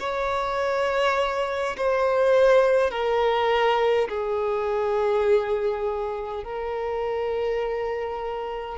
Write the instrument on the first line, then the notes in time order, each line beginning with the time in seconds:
violin
0.00 C#5
1.78 C5
2.91 A#4
4.09 G#4
6.44 A#4